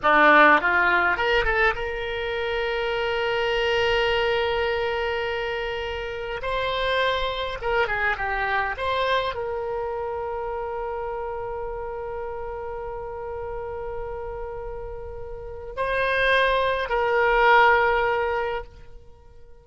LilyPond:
\new Staff \with { instrumentName = "oboe" } { \time 4/4 \tempo 4 = 103 d'4 f'4 ais'8 a'8 ais'4~ | ais'1~ | ais'2. c''4~ | c''4 ais'8 gis'8 g'4 c''4 |
ais'1~ | ais'1~ | ais'2. c''4~ | c''4 ais'2. | }